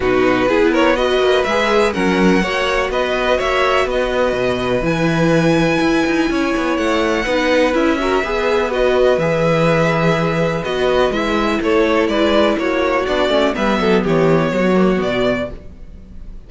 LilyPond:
<<
  \new Staff \with { instrumentName = "violin" } { \time 4/4 \tempo 4 = 124 b'4. cis''8 dis''4 e''4 | fis''2 dis''4 e''4 | dis''2 gis''2~ | gis''2 fis''2 |
e''2 dis''4 e''4~ | e''2 dis''4 e''4 | cis''4 d''4 cis''4 d''4 | e''4 cis''2 d''4 | }
  \new Staff \with { instrumentName = "violin" } { \time 4/4 fis'4 gis'8 ais'8 b'2 | ais'4 cis''4 b'4 cis''4 | b'1~ | b'4 cis''2 b'4~ |
b'8 ais'8 b'2.~ | b'1 | a'4 b'4 fis'2 | b'8 a'8 g'4 fis'2 | }
  \new Staff \with { instrumentName = "viola" } { \time 4/4 dis'4 e'4 fis'4 gis'4 | cis'4 fis'2.~ | fis'2 e'2~ | e'2. dis'4 |
e'8 fis'8 gis'4 fis'4 gis'4~ | gis'2 fis'4 e'4~ | e'2. d'8 cis'8 | b2~ b8 ais8 b4 | }
  \new Staff \with { instrumentName = "cello" } { \time 4/4 b,4 b4. ais8 gis4 | fis4 ais4 b4 ais4 | b4 b,4 e2 | e'8 dis'8 cis'8 b8 a4 b4 |
cis'4 b2 e4~ | e2 b4 gis4 | a4 gis4 ais4 b8 a8 | g8 fis8 e4 fis4 b,4 | }
>>